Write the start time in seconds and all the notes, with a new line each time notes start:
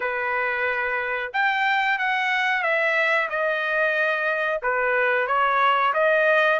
0.00 B4
1.33 G5
1.98 F#5
2.63 E5
3.29 D#5
4.62 B4
5.27 C#5
5.93 D#5